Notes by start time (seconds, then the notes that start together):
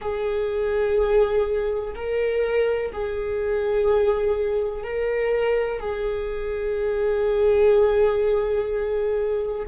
0.00 G#4
1.95 A#4
2.92 G#4
4.83 A#4
5.79 G#4